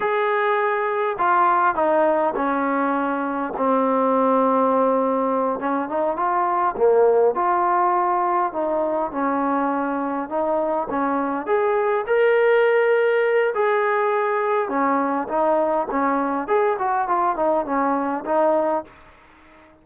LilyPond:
\new Staff \with { instrumentName = "trombone" } { \time 4/4 \tempo 4 = 102 gis'2 f'4 dis'4 | cis'2 c'2~ | c'4. cis'8 dis'8 f'4 ais8~ | ais8 f'2 dis'4 cis'8~ |
cis'4. dis'4 cis'4 gis'8~ | gis'8 ais'2~ ais'8 gis'4~ | gis'4 cis'4 dis'4 cis'4 | gis'8 fis'8 f'8 dis'8 cis'4 dis'4 | }